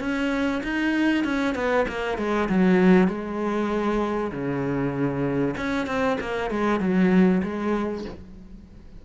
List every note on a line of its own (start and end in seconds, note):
0.00 0.62 C#4
0.64 1.25 D#4
1.25 1.55 C#4
1.55 1.86 B3
1.88 2.18 A#3
2.18 2.49 G#3
2.49 3.08 F#3
3.08 4.32 G#3
4.32 5.56 C#3
5.57 5.87 C#4
5.87 6.18 C4
6.21 6.51 A#3
6.51 6.80 G#3
6.80 7.42 F#3
7.43 8.05 G#3